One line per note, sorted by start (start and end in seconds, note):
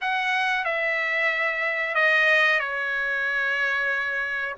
0.01 0.64 F#5
0.64 1.94 E5
1.94 2.59 D#5
2.59 4.55 C#5